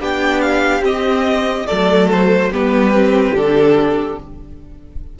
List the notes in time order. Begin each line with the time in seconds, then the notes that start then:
0.00 B3 D4 G4 G5
0.41 F5
0.81 C4 D#5
1.66 F#3 A3 A4 D5
2.11 C5
2.51 G3 B3 G4 B4
2.93 C4
3.31 D3 D4 A4